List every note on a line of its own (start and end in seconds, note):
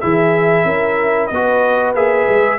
0.00 0.65 E3
0.00 1.31 E4
0.00 0.65 G#4
0.00 1.27 E5
0.65 1.29 C#4
0.65 1.30 A#4
1.27 1.94 B3
1.27 2.59 B4
1.27 1.92 D#5
1.34 1.95 F#4
1.94 2.27 A#3
1.94 2.59 G#4
1.94 2.59 E5
2.28 2.59 G#3